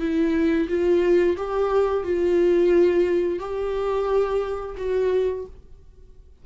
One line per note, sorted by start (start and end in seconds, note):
0.00 0.68 E4
0.68 1.37 F4
1.37 2.04 G4
2.04 3.40 F4
3.40 4.76 G4
4.78 5.46 F#4